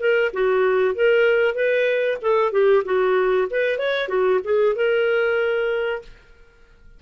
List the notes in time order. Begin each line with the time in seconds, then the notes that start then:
0.00 A#4
0.33 F#4
0.95 A#4
1.55 B4
2.22 A4
2.52 G4
2.85 F#4
3.50 B4
3.78 C#5
4.08 F#4
4.44 G#4
4.76 A#4